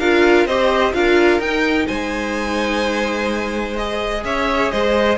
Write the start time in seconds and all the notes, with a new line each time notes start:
0.00 D4 F4 A#4 F5
0.46 C4 G4 C5 D#5
0.93 D4 F4 A#4 F5
1.40 D#4 G5
1.86 G#3 C5 G#5
3.77 G#4 D#5
4.24 C#4 C#5 E5
4.71 G#3 C5 D#5